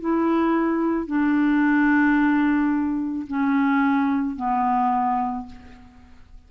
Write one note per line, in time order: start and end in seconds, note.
0.00 1.06 E4
1.06 3.27 D4
3.27 4.36 C#4
4.36 5.46 B3